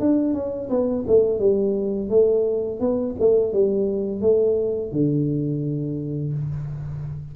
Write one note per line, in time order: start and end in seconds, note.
0.00 0.34 D4
0.34 0.69 C#4
0.70 1.05 B3
1.07 1.39 A3
1.39 2.10 G3
2.10 2.80 A3
2.80 3.15 B3
3.20 3.53 A3
3.53 4.22 G3
4.22 4.92 A3
4.92 6.33 D3